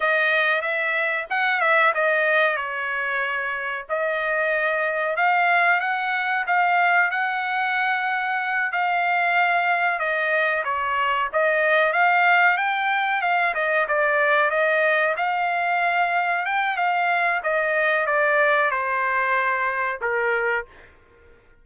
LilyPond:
\new Staff \with { instrumentName = "trumpet" } { \time 4/4 \tempo 4 = 93 dis''4 e''4 fis''8 e''8 dis''4 | cis''2 dis''2 | f''4 fis''4 f''4 fis''4~ | fis''4. f''2 dis''8~ |
dis''8 cis''4 dis''4 f''4 g''8~ | g''8 f''8 dis''8 d''4 dis''4 f''8~ | f''4. g''8 f''4 dis''4 | d''4 c''2 ais'4 | }